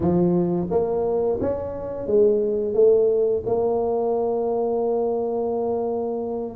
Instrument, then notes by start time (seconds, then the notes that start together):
tuba
0.00 F3
0.70 A#3
1.40 C#4
2.07 G#3
2.74 A3
3.45 A#3